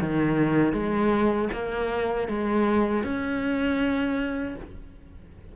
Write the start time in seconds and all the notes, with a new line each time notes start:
0.00 D#3
0.73 G#3
1.53 A#3
2.29 G#3
3.04 C#4